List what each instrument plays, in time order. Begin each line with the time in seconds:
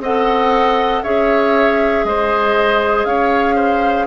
0.00 bassoon C4, clarinet A4, oboe D#5, flute F#5
1.03 bassoon C#4, clarinet G#4, oboe C#5, flute E5
2.04 bassoon G#3, oboe C5, flute D#5
3.05 bassoon C#4, oboe C#5, flute F5
3.55 oboe C5